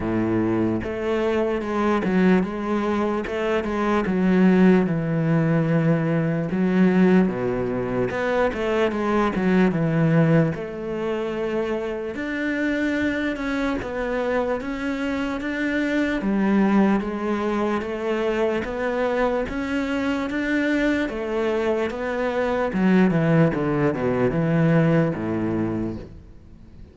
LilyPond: \new Staff \with { instrumentName = "cello" } { \time 4/4 \tempo 4 = 74 a,4 a4 gis8 fis8 gis4 | a8 gis8 fis4 e2 | fis4 b,4 b8 a8 gis8 fis8 | e4 a2 d'4~ |
d'8 cis'8 b4 cis'4 d'4 | g4 gis4 a4 b4 | cis'4 d'4 a4 b4 | fis8 e8 d8 b,8 e4 a,4 | }